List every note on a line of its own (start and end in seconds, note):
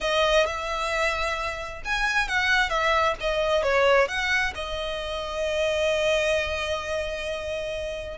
0.00 0.45 D#5
0.45 1.82 E5
1.85 2.28 G#5
2.28 2.69 F#5
2.69 3.15 E5
3.20 3.62 D#5
3.62 4.08 C#5
4.08 4.53 F#5
4.54 8.17 D#5